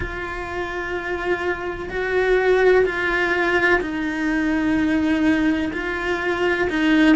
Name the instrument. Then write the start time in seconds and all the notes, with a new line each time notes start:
cello
0.00 F4
1.89 F#4
2.85 F4
3.81 D#4
5.73 F4
6.69 D#4